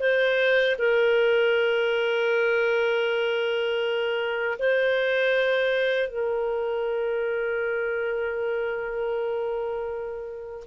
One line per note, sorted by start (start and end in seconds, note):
0.00 0.76 C5
0.78 4.58 A#4
4.59 6.08 C5
6.08 10.64 A#4